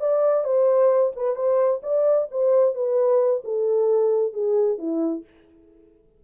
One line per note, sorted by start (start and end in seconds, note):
0.00 0.44 D5
0.44 1.12 C5
1.16 1.35 B4
1.35 1.80 C5
1.82 2.28 D5
2.31 2.74 C5
2.74 3.42 B4
3.44 4.32 A4
4.32 4.78 G#4
4.78 5.23 E4